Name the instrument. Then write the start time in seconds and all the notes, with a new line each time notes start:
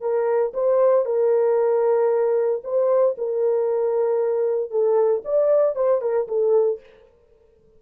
horn
0.00 A#4
0.53 C5
1.05 A#4
2.63 C5
3.18 A#4
4.70 A4
5.24 D5
5.75 C5
6.01 A#4
6.28 A4